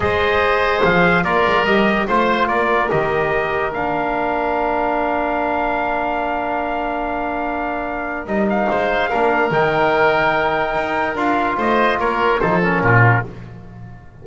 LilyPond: <<
  \new Staff \with { instrumentName = "trumpet" } { \time 4/4 \tempo 4 = 145 dis''2 f''4 d''4 | dis''4 c''4 d''4 dis''4~ | dis''4 f''2.~ | f''1~ |
f''1 | dis''8 f''2~ f''8 g''4~ | g''2. f''4 | dis''4 cis''4 c''8 ais'4. | }
  \new Staff \with { instrumentName = "oboe" } { \time 4/4 c''2. ais'4~ | ais'4 c''4 ais'2~ | ais'1~ | ais'1~ |
ais'1~ | ais'4 c''4 ais'2~ | ais'1 | c''4 ais'4 a'4 f'4 | }
  \new Staff \with { instrumentName = "trombone" } { \time 4/4 gis'2. f'4 | g'4 f'2 g'4~ | g'4 d'2.~ | d'1~ |
d'1 | dis'2 d'4 dis'4~ | dis'2. f'4~ | f'2 dis'8 cis'4. | }
  \new Staff \with { instrumentName = "double bass" } { \time 4/4 gis2 f4 ais8 gis8 | g4 a4 ais4 dis4~ | dis4 ais2.~ | ais1~ |
ais1 | g4 gis4 ais4 dis4~ | dis2 dis'4 d'4 | a4 ais4 f4 ais,4 | }
>>